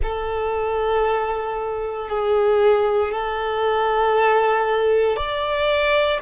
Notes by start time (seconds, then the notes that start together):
0.02 A4
2.09 G#4
3.11 A4
5.16 D5